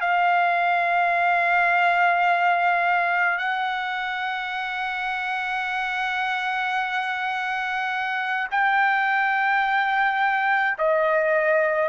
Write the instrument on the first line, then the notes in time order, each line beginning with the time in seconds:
trumpet
0.00 F5
3.38 F#5
8.51 G5
10.78 D#5